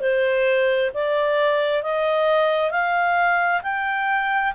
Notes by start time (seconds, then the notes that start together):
0.00 C5
0.94 D5
1.83 D#5
2.71 F5
3.63 G5